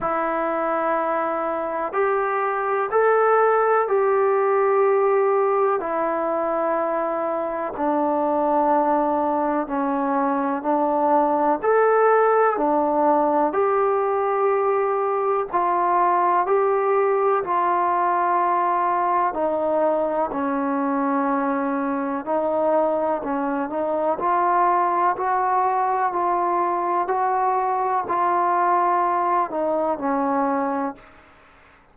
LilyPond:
\new Staff \with { instrumentName = "trombone" } { \time 4/4 \tempo 4 = 62 e'2 g'4 a'4 | g'2 e'2 | d'2 cis'4 d'4 | a'4 d'4 g'2 |
f'4 g'4 f'2 | dis'4 cis'2 dis'4 | cis'8 dis'8 f'4 fis'4 f'4 | fis'4 f'4. dis'8 cis'4 | }